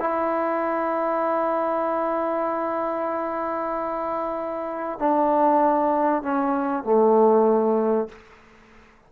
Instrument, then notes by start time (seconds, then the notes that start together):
trombone
0.00 E4
4.99 D4
6.23 C#4
6.84 A3